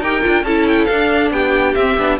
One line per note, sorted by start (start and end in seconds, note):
0.00 0.22 D#4
0.00 0.22 G4
0.00 0.44 A#4
0.00 0.44 G5
0.22 0.43 D4
0.22 0.44 F4
0.43 0.87 C#4
0.43 0.89 E4
0.43 1.33 A4
0.43 0.66 A5
0.68 0.85 G5
0.85 1.31 D4
0.85 1.77 D4
0.85 1.29 F5
1.31 1.75 B3
1.31 2.19 G4
1.31 1.74 G5
1.74 1.98 C4
1.74 1.99 C4
1.74 2.18 E5
1.98 2.19 B3
1.98 2.19 D4